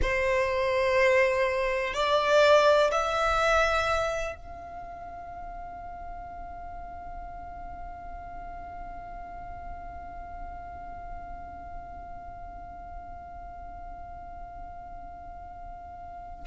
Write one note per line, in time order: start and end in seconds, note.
0.01 1.94 C5
1.94 2.90 D5
2.91 4.35 E5
4.35 16.45 F5